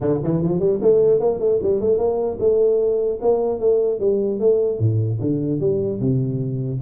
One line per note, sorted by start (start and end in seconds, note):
0.00 0.20 D3
0.23 0.42 E3
0.42 0.59 F3
0.59 0.79 G3
0.81 1.19 A3
1.19 1.39 A#3
1.39 1.59 A3
1.62 1.80 G3
1.80 1.97 A3
1.97 2.37 A#3
2.39 3.19 A3
3.21 3.59 A#3
3.59 3.99 A3
3.99 4.39 G3
4.39 4.79 A3
4.79 5.19 A2
5.20 5.60 D3
5.60 6.00 G3
6.00 6.80 C3